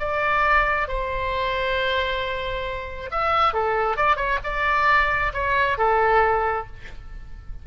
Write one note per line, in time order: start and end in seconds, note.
0.00 0.88 D5
0.88 3.11 C5
3.12 3.54 E5
3.54 3.97 A4
3.97 4.17 D5
4.17 4.39 C#5
4.44 5.33 D5
5.34 5.78 C#5
5.78 6.67 A4